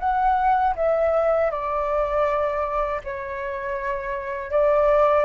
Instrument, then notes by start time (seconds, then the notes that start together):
flute
0.00 F#5
0.76 E5
1.51 D5
3.04 C#5
4.51 D5